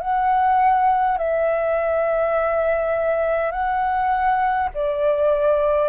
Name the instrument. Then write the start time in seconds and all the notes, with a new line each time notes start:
flute
0.00 F#5
1.18 E5
3.51 F#5
4.74 D5